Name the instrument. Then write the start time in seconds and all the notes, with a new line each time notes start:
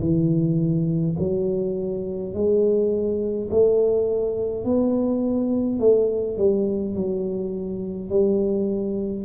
tuba
0.00 E3
1.18 F#3
2.33 G#3
3.50 A3
4.64 B3
5.80 A3
6.37 G3
6.95 F#3
8.10 G3